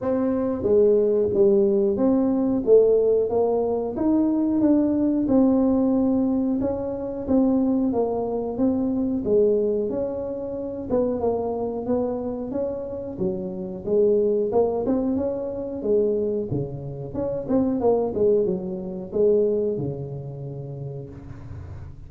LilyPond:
\new Staff \with { instrumentName = "tuba" } { \time 4/4 \tempo 4 = 91 c'4 gis4 g4 c'4 | a4 ais4 dis'4 d'4 | c'2 cis'4 c'4 | ais4 c'4 gis4 cis'4~ |
cis'8 b8 ais4 b4 cis'4 | fis4 gis4 ais8 c'8 cis'4 | gis4 cis4 cis'8 c'8 ais8 gis8 | fis4 gis4 cis2 | }